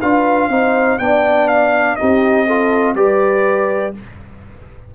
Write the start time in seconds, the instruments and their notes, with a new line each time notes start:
0.00 tuba D4, trombone F4, horn B4, trumpet F5
0.49 tuba C4, trombone D#4, horn C5
0.99 tuba B3, trombone D4, horn D5, trumpet G5
1.48 trumpet F5
1.96 tuba C4, trombone D#4, horn G4, trumpet D#5
2.46 trombone F4, horn A4
2.95 tuba G3, trombone G4, horn B4, trumpet D5